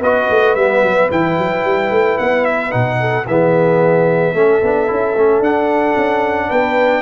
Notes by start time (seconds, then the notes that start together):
0.00 B3 F#4 B4 D#5
0.30 A3
0.55 G3 B3 E5
0.83 F#3
1.11 E3 E4 G5
1.38 F#3
1.65 G3
1.90 A3
2.18 B3 F#5
2.45 E5
2.70 B2 D#4 F#5
3.00 A4
3.28 E3 B3 G#4 E5
4.34 A3 C#4 A4
4.63 B3 D4
4.87 C#4 E4
5.16 A3 C#4
5.40 D4 F#5
5.97 C#4
6.48 B3 B4 G5